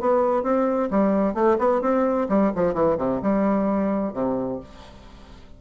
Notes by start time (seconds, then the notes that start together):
0.00 B3
0.43 C4
0.90 G3
1.34 A3
1.58 B3
1.81 C4
2.29 G3
2.55 F3
2.74 E3
2.98 C3
3.22 G3
4.13 C3